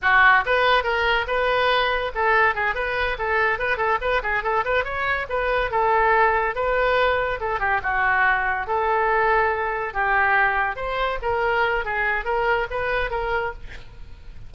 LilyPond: \new Staff \with { instrumentName = "oboe" } { \time 4/4 \tempo 4 = 142 fis'4 b'4 ais'4 b'4~ | b'4 a'4 gis'8 b'4 a'8~ | a'8 b'8 a'8 b'8 gis'8 a'8 b'8 cis''8~ | cis''8 b'4 a'2 b'8~ |
b'4. a'8 g'8 fis'4.~ | fis'8 a'2. g'8~ | g'4. c''4 ais'4. | gis'4 ais'4 b'4 ais'4 | }